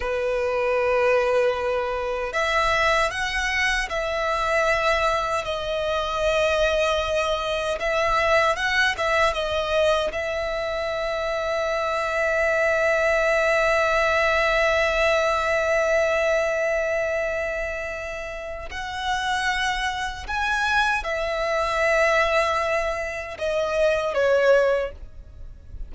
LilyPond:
\new Staff \with { instrumentName = "violin" } { \time 4/4 \tempo 4 = 77 b'2. e''4 | fis''4 e''2 dis''4~ | dis''2 e''4 fis''8 e''8 | dis''4 e''2.~ |
e''1~ | e''1 | fis''2 gis''4 e''4~ | e''2 dis''4 cis''4 | }